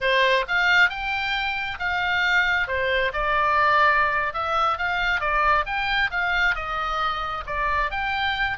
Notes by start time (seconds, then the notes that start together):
0.00 C5
0.48 F5
0.89 G5
1.79 F5
2.67 C5
3.13 D5
4.33 E5
4.78 F5
5.20 D5
5.65 G5
6.11 F5
6.55 D#5
7.46 D5
7.91 G5